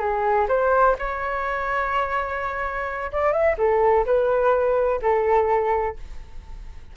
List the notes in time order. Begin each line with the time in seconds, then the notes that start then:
0.00 G#4
0.49 C5
0.99 C#5
3.12 D5
3.33 E5
3.58 A4
4.06 B4
5.03 A4